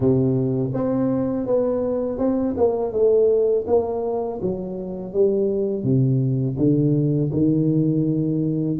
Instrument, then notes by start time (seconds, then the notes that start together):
tuba
0.00 C3
0.73 C4
1.46 B3
2.18 C4
2.56 A#3
2.92 A3
3.67 A#3
4.41 F#3
5.13 G3
5.83 C3
6.57 D3
7.32 D#3